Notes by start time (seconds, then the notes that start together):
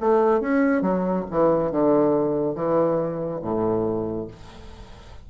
0.00 A3
0.41 C#4
0.82 F#3
1.31 E3
1.71 D3
2.55 E3
3.42 A2